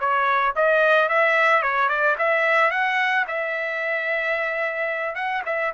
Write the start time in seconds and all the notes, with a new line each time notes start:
0.00 C#5
0.56 D#5
1.09 E5
1.63 C#5
1.89 D5
2.19 E5
2.71 F#5
3.28 E5
5.15 F#5
5.46 E5